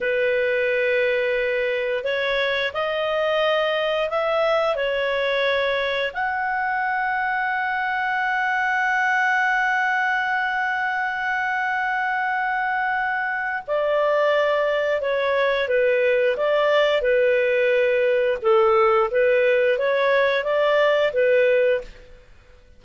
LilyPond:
\new Staff \with { instrumentName = "clarinet" } { \time 4/4 \tempo 4 = 88 b'2. cis''4 | dis''2 e''4 cis''4~ | cis''4 fis''2.~ | fis''1~ |
fis''1 | d''2 cis''4 b'4 | d''4 b'2 a'4 | b'4 cis''4 d''4 b'4 | }